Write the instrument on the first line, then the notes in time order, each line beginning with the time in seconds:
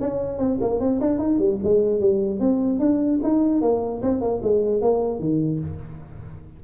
tuba
0.00 C#4
0.38 C4
0.61 A#3
0.80 C4
1.00 D4
1.19 D#4
1.39 G3
1.64 G#3
2.00 G3
2.40 C4
2.80 D4
3.23 D#4
3.61 A#3
4.02 C4
4.21 A#3
4.43 G#3
4.82 A#3
5.19 D#3